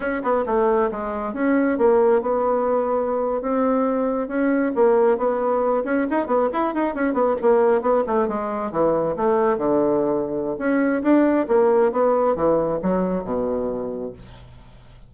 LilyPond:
\new Staff \with { instrumentName = "bassoon" } { \time 4/4 \tempo 4 = 136 cis'8 b8 a4 gis4 cis'4 | ais4 b2~ b8. c'16~ | c'4.~ c'16 cis'4 ais4 b16~ | b4~ b16 cis'8 dis'8 b8 e'8 dis'8 cis'16~ |
cis'16 b8 ais4 b8 a8 gis4 e16~ | e8. a4 d2~ d16 | cis'4 d'4 ais4 b4 | e4 fis4 b,2 | }